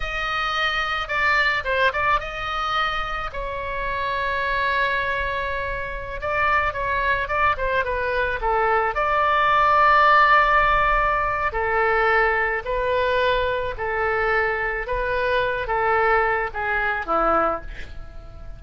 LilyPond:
\new Staff \with { instrumentName = "oboe" } { \time 4/4 \tempo 4 = 109 dis''2 d''4 c''8 d''8 | dis''2 cis''2~ | cis''2.~ cis''16 d''8.~ | d''16 cis''4 d''8 c''8 b'4 a'8.~ |
a'16 d''2.~ d''8.~ | d''4 a'2 b'4~ | b'4 a'2 b'4~ | b'8 a'4. gis'4 e'4 | }